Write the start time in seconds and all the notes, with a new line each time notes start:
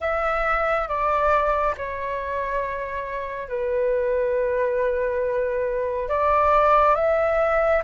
0.00 E5
0.87 D5
1.77 C#5
3.48 B4
6.09 D5
6.95 E5